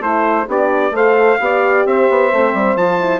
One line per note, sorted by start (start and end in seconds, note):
0.00 0.46 A3
0.00 0.47 E4
0.00 0.47 A4
0.00 0.48 C5
0.47 0.91 B3
0.47 0.93 D4
0.47 0.92 G4
0.47 0.96 D5
0.91 1.37 A3
0.91 1.39 A4
0.91 1.40 C5
0.91 1.86 F5
1.40 1.86 B3
1.40 2.32 G4
1.40 1.88 D5
1.86 2.09 C4
1.86 3.20 C5
1.86 2.77 E5
2.09 2.32 B3
2.32 2.54 A3
2.32 2.77 C4
2.54 2.75 G3
2.75 3.20 F3
2.75 3.00 F4
2.75 3.20 A5
3.00 3.20 E4